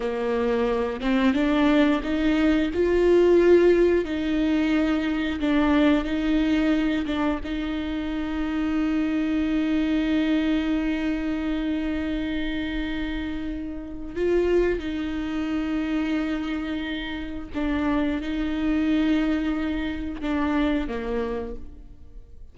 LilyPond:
\new Staff \with { instrumentName = "viola" } { \time 4/4 \tempo 4 = 89 ais4. c'8 d'4 dis'4 | f'2 dis'2 | d'4 dis'4. d'8 dis'4~ | dis'1~ |
dis'1~ | dis'4 f'4 dis'2~ | dis'2 d'4 dis'4~ | dis'2 d'4 ais4 | }